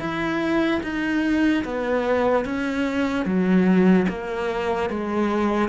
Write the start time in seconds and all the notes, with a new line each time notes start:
0.00 E4
0.83 D#4
1.65 B3
2.45 C#4
3.25 F#3
4.08 A#3
4.90 G#3